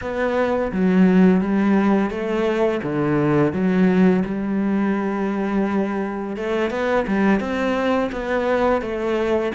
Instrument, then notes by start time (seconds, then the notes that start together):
cello
0.01 B3
0.72 F#3
1.41 G3
2.10 A3
2.82 D3
3.52 F#3
4.25 G3
6.36 A3
6.70 B3
7.07 G3
7.39 C4
8.12 B3
8.81 A3